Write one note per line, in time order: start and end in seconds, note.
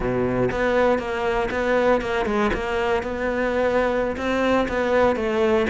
0.00 0.50 B2
0.51 0.99 B3
0.99 1.49 A#3
1.50 2.01 B3
2.01 2.25 A#3
2.25 2.50 G#3
2.53 3.03 A#3
3.03 4.16 B3
4.16 4.67 C4
4.68 5.16 B3
5.16 5.66 A3